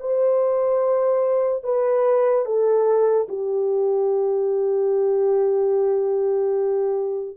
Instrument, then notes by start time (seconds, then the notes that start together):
horn
0.00 C5
1.63 B4
2.45 A4
3.29 G4